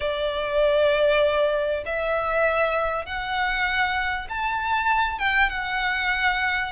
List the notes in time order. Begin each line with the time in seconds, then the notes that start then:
0.00 D5
1.85 E5
3.05 F#5
4.29 A5
5.18 G5
5.49 F#5